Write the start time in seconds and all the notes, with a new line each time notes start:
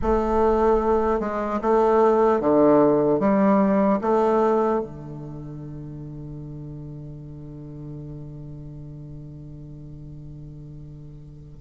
0.02 A3
1.20 G#3
1.61 A3
2.40 D3
3.19 G3
4.01 A3
4.80 D3